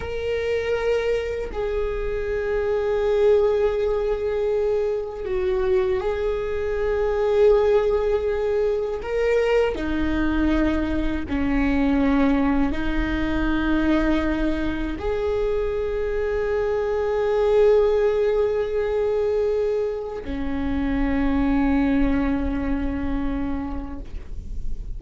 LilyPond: \new Staff \with { instrumentName = "viola" } { \time 4/4 \tempo 4 = 80 ais'2 gis'2~ | gis'2. fis'4 | gis'1 | ais'4 dis'2 cis'4~ |
cis'4 dis'2. | gis'1~ | gis'2. cis'4~ | cis'1 | }